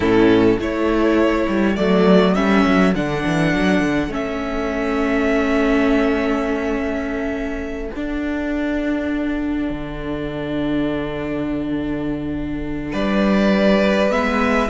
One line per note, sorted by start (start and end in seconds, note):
0.00 0.57 A2
0.00 0.59 C#4
0.00 0.57 E4
0.00 0.58 A4
0.57 1.46 A3
0.57 1.76 E4
0.57 12.92 A4
0.57 1.76 C#5
1.48 1.77 G3
1.76 2.36 F#3
1.76 2.35 A3
1.76 2.34 D5
2.34 2.65 G3
2.34 2.94 C#4
2.34 2.93 E5
2.66 2.94 F#3
2.94 3.24 D3
2.94 4.09 D4
2.94 4.12 F#5
3.25 3.53 E3
3.53 3.80 F#3
3.80 4.08 D3
4.08 7.90 A3
4.08 7.92 C#4
4.08 7.94 E5
7.94 14.10 D4
7.94 9.69 D4
7.94 12.93 F#5
9.69 12.93 D3
12.92 14.10 G3
12.92 14.68 B4
12.92 14.11 D5
14.10 14.69 G#3
14.10 14.69 B3
14.10 14.69 E5